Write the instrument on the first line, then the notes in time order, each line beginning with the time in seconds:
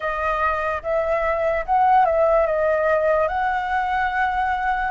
flute
0.00 D#5
0.83 E5
1.65 F#5
2.05 E5
2.46 D#5
3.28 F#5